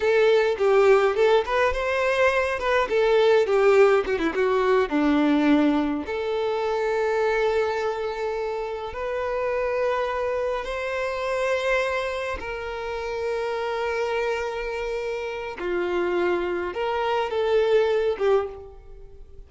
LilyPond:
\new Staff \with { instrumentName = "violin" } { \time 4/4 \tempo 4 = 104 a'4 g'4 a'8 b'8 c''4~ | c''8 b'8 a'4 g'4 fis'16 e'16 fis'8~ | fis'8 d'2 a'4.~ | a'2.~ a'8 b'8~ |
b'2~ b'8 c''4.~ | c''4. ais'2~ ais'8~ | ais'2. f'4~ | f'4 ais'4 a'4. g'8 | }